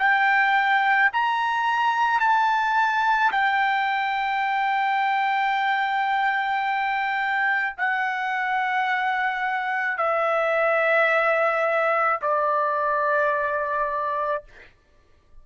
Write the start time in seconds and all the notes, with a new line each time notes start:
0.00 G5
1.13 A#5
2.21 A5
3.32 G5
7.78 F#5
9.98 E5
12.22 D5